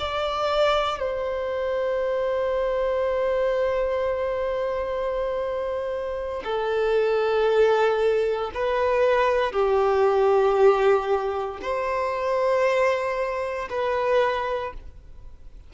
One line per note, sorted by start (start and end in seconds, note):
0.00 1.00 D5
1.00 6.43 C5
6.45 8.52 A4
8.55 9.53 B4
9.53 11.60 G4
11.62 13.69 C5
13.70 14.74 B4